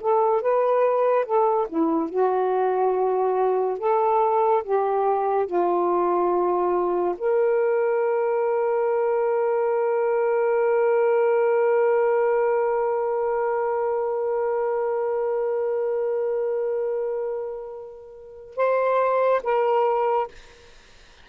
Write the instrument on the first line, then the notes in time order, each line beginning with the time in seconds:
saxophone
0.00 A4
0.41 B4
1.25 A4
1.68 E4
2.09 F#4
3.78 A4
4.63 G4
5.46 F4
7.17 A#4
18.56 C5
19.43 A#4